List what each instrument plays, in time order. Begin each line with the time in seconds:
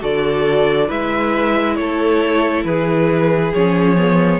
0.00 cello D3, viola F#4, violin A4 D5
0.87 cello G#3, viola E4, violin B4 E5
1.75 cello A3, violin A4 C#5
2.64 cello E3, violin G#4 B4
3.53 cello F3, viola C#4, violin C#5
3.96 viola B3